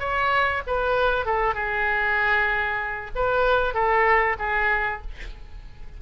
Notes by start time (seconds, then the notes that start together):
0.00 C#5
0.67 B4
1.26 A4
1.55 G#4
3.16 B4
3.74 A4
4.39 G#4